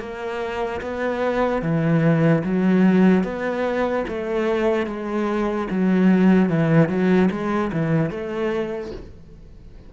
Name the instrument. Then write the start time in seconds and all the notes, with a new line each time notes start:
cello
0.00 A#3
0.82 B3
1.62 E3
2.44 F#3
3.24 B3
4.08 A3
4.87 G#3
5.71 F#3
6.49 E3
6.89 F#3
7.31 G#3
7.73 E3
8.11 A3